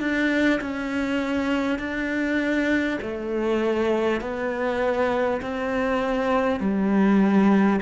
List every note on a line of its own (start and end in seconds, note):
0.00 0.60 D4
0.60 1.78 C#4
1.78 2.98 D4
3.01 4.20 A3
4.20 5.40 B3
5.41 6.59 C4
6.59 7.79 G3